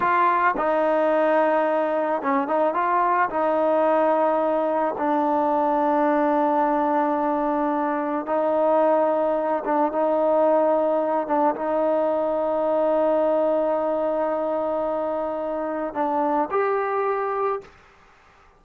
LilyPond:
\new Staff \with { instrumentName = "trombone" } { \time 4/4 \tempo 4 = 109 f'4 dis'2. | cis'8 dis'8 f'4 dis'2~ | dis'4 d'2.~ | d'2. dis'4~ |
dis'4. d'8 dis'2~ | dis'8 d'8 dis'2.~ | dis'1~ | dis'4 d'4 g'2 | }